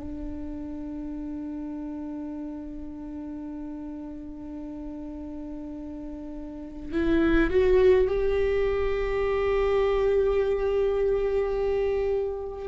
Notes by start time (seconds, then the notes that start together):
0.00 D4
6.92 E4
7.50 F#4
8.07 G4